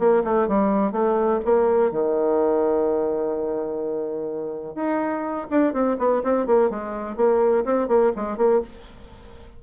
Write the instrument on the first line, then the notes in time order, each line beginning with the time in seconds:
bassoon
0.00 A#3
0.24 A3
0.49 G3
0.93 A3
1.45 A#3
1.92 D#3
4.75 D#4
5.51 D4
5.74 C4
5.99 B3
6.24 C4
6.47 A#3
6.70 G#3
7.17 A#3
7.65 C4
7.89 A#3
8.16 G#3
8.38 A#3